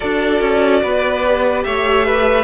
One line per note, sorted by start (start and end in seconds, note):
0.00 0.40 D4
0.00 1.24 F#4
0.00 0.81 A4
0.00 1.64 D5
0.40 0.82 C#4
0.81 1.65 B3
0.81 1.63 B4
1.25 2.43 G4
1.64 2.43 A3
1.64 2.05 C#5
1.64 2.43 E5
2.05 2.43 B4